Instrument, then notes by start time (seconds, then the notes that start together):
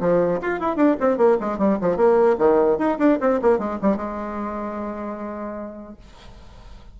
bassoon
0.00 F3
0.41 F4
0.60 E4
0.76 D4
1.00 C4
1.17 A#3
1.40 G#3
1.58 G3
1.81 F3
1.97 A#3
2.38 D#3
2.78 D#4
2.98 D4
3.21 C4
3.42 A#3
3.58 G#3
3.82 G3
3.96 G#3